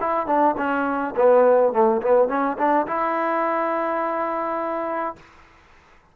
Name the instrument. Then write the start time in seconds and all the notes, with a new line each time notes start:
trombone
0.00 E4
0.26 D4
0.57 C#4
1.16 B3
1.72 A3
2.02 B3
2.28 C#4
2.58 D4
2.87 E4